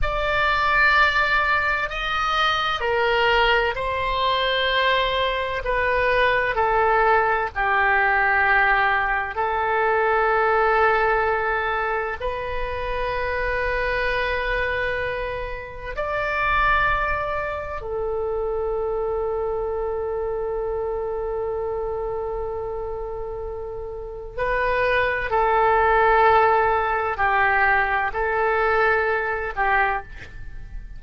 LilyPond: \new Staff \with { instrumentName = "oboe" } { \time 4/4 \tempo 4 = 64 d''2 dis''4 ais'4 | c''2 b'4 a'4 | g'2 a'2~ | a'4 b'2.~ |
b'4 d''2 a'4~ | a'1~ | a'2 b'4 a'4~ | a'4 g'4 a'4. g'8 | }